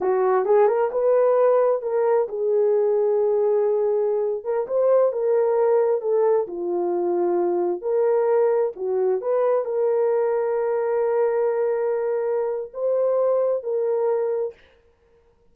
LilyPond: \new Staff \with { instrumentName = "horn" } { \time 4/4 \tempo 4 = 132 fis'4 gis'8 ais'8 b'2 | ais'4 gis'2.~ | gis'4.~ gis'16 ais'8 c''4 ais'8.~ | ais'4~ ais'16 a'4 f'4.~ f'16~ |
f'4~ f'16 ais'2 fis'8.~ | fis'16 b'4 ais'2~ ais'8.~ | ais'1 | c''2 ais'2 | }